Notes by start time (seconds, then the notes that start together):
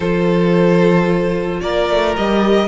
0.00 F3 F4 A4 C5
1.60 A#3 A#4 D5
1.89 A3
2.16 G3 G4 D#5